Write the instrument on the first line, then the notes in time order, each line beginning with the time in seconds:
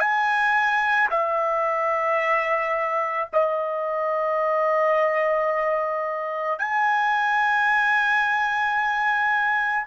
trumpet
0.00 G#5
1.10 E5
3.33 D#5
6.59 G#5